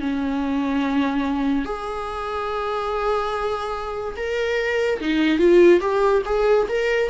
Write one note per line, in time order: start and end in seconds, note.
0.00 1.65 C#4
1.65 4.15 G#4
4.17 5.00 A#4
5.00 5.39 D#4
5.39 5.80 F4
5.80 6.22 G4
6.25 6.67 G#4
6.69 7.09 A#4